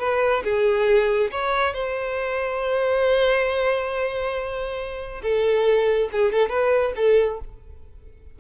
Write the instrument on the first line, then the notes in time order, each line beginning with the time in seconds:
violin
0.00 B4
0.44 G#4
1.32 C#5
1.74 C5
5.23 A4
6.12 G#4
6.33 A4
6.50 B4
6.97 A4